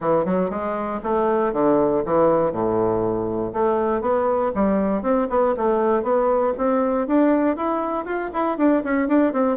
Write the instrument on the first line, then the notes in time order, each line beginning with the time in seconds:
bassoon
0.00 E3
0.25 F#3
0.50 G#3
1.03 A3
1.52 D3
2.05 E3
2.52 A2
3.53 A3
4.01 B3
4.54 G3
5.02 C4
5.29 B3
5.56 A3
6.02 B3
6.57 C4
7.07 D4
7.56 E4
8.05 F4
8.33 E4
8.57 D4
8.84 C#4
9.08 D4
9.33 C4